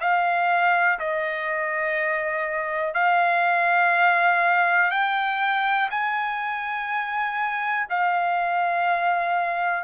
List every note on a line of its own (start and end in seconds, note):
0.00 0.98 F5
0.99 2.94 D#5
2.94 4.90 F5
4.91 5.89 G5
5.90 7.87 G#5
7.90 9.84 F5